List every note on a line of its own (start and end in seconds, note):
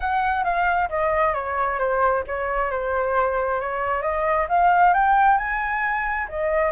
0.00 0.44 F#5
0.44 0.88 F5
0.89 1.34 D#5
1.34 1.78 C#5
1.78 2.23 C5
2.27 2.70 C#5
2.70 3.60 C5
3.60 4.02 C#5
4.02 4.46 D#5
4.49 4.93 F5
4.93 5.37 G5
5.37 6.27 G#5
6.28 6.71 D#5